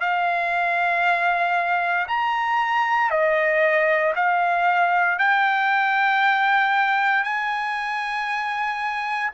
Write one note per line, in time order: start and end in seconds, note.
0.00 2.07 F5
2.08 3.10 A#5
3.10 4.13 D#5
4.15 5.18 F5
5.18 7.24 G5
7.24 9.31 G#5